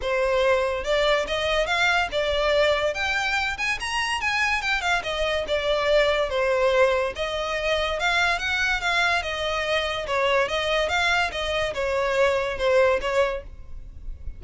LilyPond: \new Staff \with { instrumentName = "violin" } { \time 4/4 \tempo 4 = 143 c''2 d''4 dis''4 | f''4 d''2 g''4~ | g''8 gis''8 ais''4 gis''4 g''8 f''8 | dis''4 d''2 c''4~ |
c''4 dis''2 f''4 | fis''4 f''4 dis''2 | cis''4 dis''4 f''4 dis''4 | cis''2 c''4 cis''4 | }